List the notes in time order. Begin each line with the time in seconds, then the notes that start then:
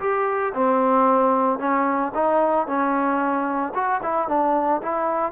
0.00 G4
0.55 C4
1.59 C#4
2.15 D#4
2.67 C#4
3.75 F#4
4.03 E4
4.28 D4
4.82 E4